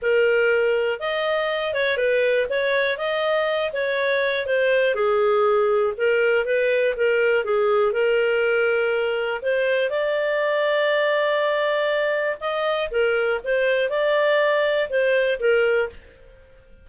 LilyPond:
\new Staff \with { instrumentName = "clarinet" } { \time 4/4 \tempo 4 = 121 ais'2 dis''4. cis''8 | b'4 cis''4 dis''4. cis''8~ | cis''4 c''4 gis'2 | ais'4 b'4 ais'4 gis'4 |
ais'2. c''4 | d''1~ | d''4 dis''4 ais'4 c''4 | d''2 c''4 ais'4 | }